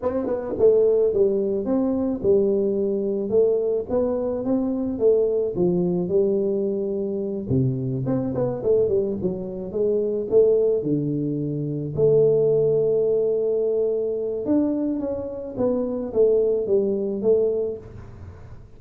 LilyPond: \new Staff \with { instrumentName = "tuba" } { \time 4/4 \tempo 4 = 108 c'8 b8 a4 g4 c'4 | g2 a4 b4 | c'4 a4 f4 g4~ | g4. c4 c'8 b8 a8 |
g8 fis4 gis4 a4 d8~ | d4. a2~ a8~ | a2 d'4 cis'4 | b4 a4 g4 a4 | }